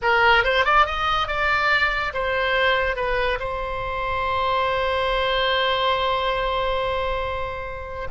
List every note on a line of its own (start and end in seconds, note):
0.02 0.44 A#4
0.44 0.64 C5
0.64 0.85 D5
0.85 1.27 D#5
1.27 2.12 D5
2.13 2.96 C5
2.96 3.38 B4
3.39 8.07 C5